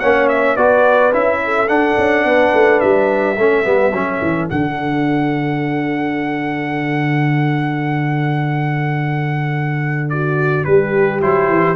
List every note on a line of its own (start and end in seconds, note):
0.00 0.57 A#3
0.00 0.58 C#4
0.00 0.55 C#5
0.00 0.28 F#5
0.29 0.57 E5
0.55 1.13 B3
0.55 1.13 F#4
0.55 1.39 B4
0.55 1.13 D5
1.13 1.68 C#4
1.13 1.68 E4
1.13 1.69 E5
1.45 2.27 A4
1.68 3.36 D4
1.68 1.96 D4
1.68 2.80 F#5
1.98 2.25 C#4
2.25 2.53 B3
2.25 3.39 B4
2.55 2.83 A3
2.80 3.38 G3
2.80 4.49 E5
3.38 3.66 A3
3.38 3.64 C#4
3.38 10.12 A4
3.64 3.93 G3
3.64 3.92 B3
3.93 4.21 F#3
3.93 4.50 C#4
4.22 4.50 E3
4.50 10.67 D3
4.50 11.22 D4
4.50 10.10 F#5
10.10 10.68 F#4
10.10 10.65 D5
10.65 11.23 G3
10.65 11.76 G4
10.65 11.21 B4
11.22 11.49 F#3
11.22 11.76 E4
11.22 11.76 C5
11.49 11.76 E3